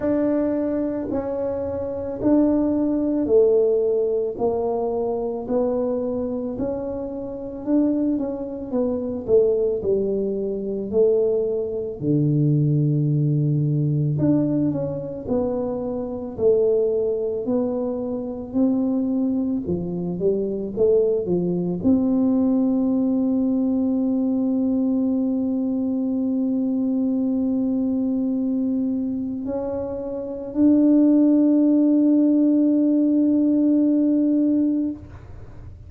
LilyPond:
\new Staff \with { instrumentName = "tuba" } { \time 4/4 \tempo 4 = 55 d'4 cis'4 d'4 a4 | ais4 b4 cis'4 d'8 cis'8 | b8 a8 g4 a4 d4~ | d4 d'8 cis'8 b4 a4 |
b4 c'4 f8 g8 a8 f8 | c'1~ | c'2. cis'4 | d'1 | }